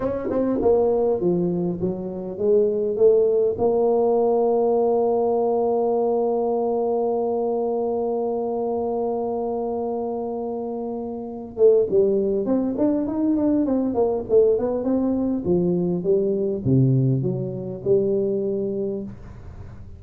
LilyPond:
\new Staff \with { instrumentName = "tuba" } { \time 4/4 \tempo 4 = 101 cis'8 c'8 ais4 f4 fis4 | gis4 a4 ais2~ | ais1~ | ais1~ |
ais2.~ ais8 a8 | g4 c'8 d'8 dis'8 d'8 c'8 ais8 | a8 b8 c'4 f4 g4 | c4 fis4 g2 | }